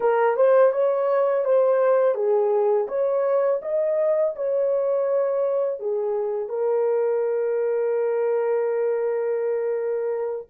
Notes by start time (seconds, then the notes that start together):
0.00 A#4
0.36 C5
0.72 C#5
1.45 C5
2.15 G#4
2.88 C#5
3.62 D#5
4.35 C#5
5.79 G#4
6.48 A#4